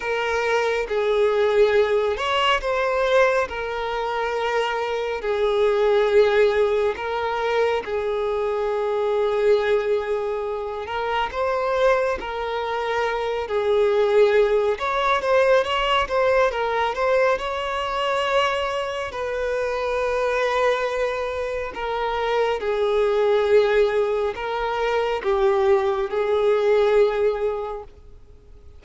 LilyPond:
\new Staff \with { instrumentName = "violin" } { \time 4/4 \tempo 4 = 69 ais'4 gis'4. cis''8 c''4 | ais'2 gis'2 | ais'4 gis'2.~ | gis'8 ais'8 c''4 ais'4. gis'8~ |
gis'4 cis''8 c''8 cis''8 c''8 ais'8 c''8 | cis''2 b'2~ | b'4 ais'4 gis'2 | ais'4 g'4 gis'2 | }